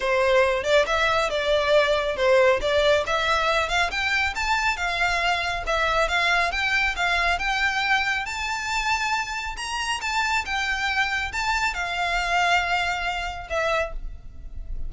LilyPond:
\new Staff \with { instrumentName = "violin" } { \time 4/4 \tempo 4 = 138 c''4. d''8 e''4 d''4~ | d''4 c''4 d''4 e''4~ | e''8 f''8 g''4 a''4 f''4~ | f''4 e''4 f''4 g''4 |
f''4 g''2 a''4~ | a''2 ais''4 a''4 | g''2 a''4 f''4~ | f''2. e''4 | }